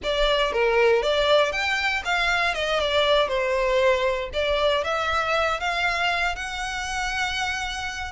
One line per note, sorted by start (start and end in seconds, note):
0.03 0.52 D5
0.52 1.02 A#4
1.02 1.51 D5
1.51 2.02 G5
2.04 2.54 F5
2.54 2.79 D#5
2.80 3.28 D5
3.28 4.29 C5
4.33 4.84 D5
4.84 5.60 E5
5.60 6.35 F5
6.35 8.12 F#5